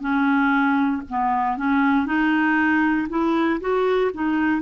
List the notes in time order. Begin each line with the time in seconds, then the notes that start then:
0.00 C#4
1.09 B3
1.57 C#4
2.06 D#4
3.09 E4
3.60 F#4
4.14 D#4